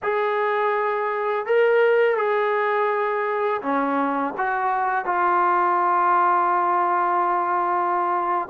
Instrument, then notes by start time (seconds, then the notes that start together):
trombone
0.03 G#4
1.46 A#4
2.16 G#4
3.61 C#4
4.37 F#4
5.05 F4